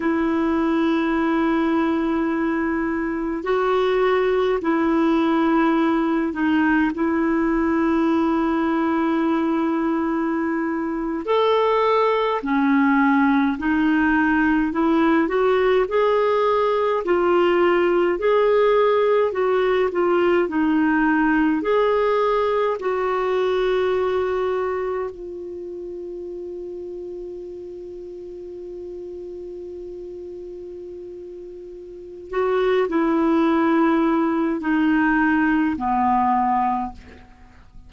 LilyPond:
\new Staff \with { instrumentName = "clarinet" } { \time 4/4 \tempo 4 = 52 e'2. fis'4 | e'4. dis'8 e'2~ | e'4.~ e'16 a'4 cis'4 dis'16~ | dis'8. e'8 fis'8 gis'4 f'4 gis'16~ |
gis'8. fis'8 f'8 dis'4 gis'4 fis'16~ | fis'4.~ fis'16 f'2~ f'16~ | f'1 | fis'8 e'4. dis'4 b4 | }